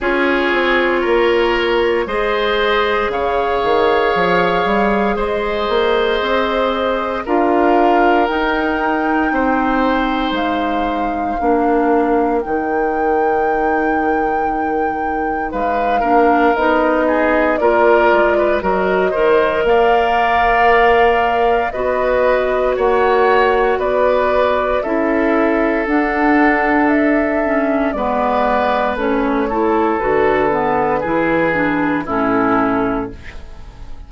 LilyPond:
<<
  \new Staff \with { instrumentName = "flute" } { \time 4/4 \tempo 4 = 58 cis''2 dis''4 f''4~ | f''4 dis''2 f''4 | g''2 f''2 | g''2. f''4 |
dis''4 d''4 dis''4 f''4~ | f''4 dis''4 fis''4 d''4 | e''4 fis''4 e''4 d''4 | cis''4 b'2 a'4 | }
  \new Staff \with { instrumentName = "oboe" } { \time 4/4 gis'4 ais'4 c''4 cis''4~ | cis''4 c''2 ais'4~ | ais'4 c''2 ais'4~ | ais'2. b'8 ais'8~ |
ais'8 gis'8 ais'8. b'16 ais'8 c''8 d''4~ | d''4 b'4 cis''4 b'4 | a'2. b'4~ | b'8 a'4. gis'4 e'4 | }
  \new Staff \with { instrumentName = "clarinet" } { \time 4/4 f'2 gis'2~ | gis'2. f'4 | dis'2. d'4 | dis'2.~ dis'8 d'8 |
dis'4 f'4 fis'8 ais'4.~ | ais'4 fis'2. | e'4 d'4. cis'8 b4 | cis'8 e'8 fis'8 b8 e'8 d'8 cis'4 | }
  \new Staff \with { instrumentName = "bassoon" } { \time 4/4 cis'8 c'8 ais4 gis4 cis8 dis8 | f8 g8 gis8 ais8 c'4 d'4 | dis'4 c'4 gis4 ais4 | dis2. gis8 ais8 |
b4 ais8 gis8 fis8 dis8 ais4~ | ais4 b4 ais4 b4 | cis'4 d'2 gis4 | a4 d4 e4 a,4 | }
>>